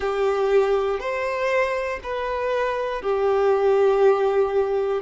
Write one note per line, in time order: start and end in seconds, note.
0.00 0.99 G4
0.99 1.99 C5
2.03 3.02 B4
3.02 5.01 G4